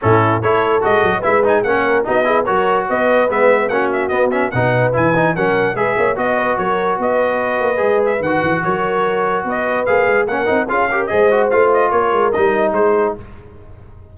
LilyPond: <<
  \new Staff \with { instrumentName = "trumpet" } { \time 4/4 \tempo 4 = 146 a'4 cis''4 dis''4 e''8 gis''8 | fis''4 dis''4 cis''4 dis''4 | e''4 fis''8 e''8 dis''8 e''8 fis''4 | gis''4 fis''4 e''4 dis''4 |
cis''4 dis''2~ dis''8 e''8 | fis''4 cis''2 dis''4 | f''4 fis''4 f''4 dis''4 | f''8 dis''8 cis''4 dis''4 c''4 | }
  \new Staff \with { instrumentName = "horn" } { \time 4/4 e'4 a'2 b'4 | cis''8 ais'8 fis'8 gis'8 ais'4 b'4~ | b'4 fis'2 b'4~ | b'4 ais'4 b'8 cis''8 dis''8 b'8 |
ais'4 b'2.~ | b'4 ais'2 b'4~ | b'4 ais'4 gis'8 ais'8 c''4~ | c''4 ais'2 gis'4 | }
  \new Staff \with { instrumentName = "trombone" } { \time 4/4 cis'4 e'4 fis'4 e'8 dis'8 | cis'4 dis'8 e'8 fis'2 | b4 cis'4 b8 cis'8 dis'4 | e'8 dis'8 cis'4 gis'4 fis'4~ |
fis'2. gis'4 | fis'1 | gis'4 cis'8 dis'8 f'8 g'8 gis'8 fis'8 | f'2 dis'2 | }
  \new Staff \with { instrumentName = "tuba" } { \time 4/4 a,4 a4 gis8 fis8 gis4 | ais4 b4 fis4 b4 | gis4 ais4 b4 b,4 | e4 fis4 gis8 ais8 b4 |
fis4 b4. ais8 gis4 | dis8 e8 fis2 b4 | ais8 gis8 ais8 c'8 cis'4 gis4 | a4 ais8 gis8 g4 gis4 | }
>>